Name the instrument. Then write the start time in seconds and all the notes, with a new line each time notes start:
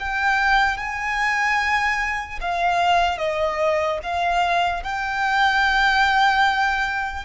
violin
0.00 G5
0.77 G#5
2.41 F5
3.18 D#5
4.03 F5
4.84 G5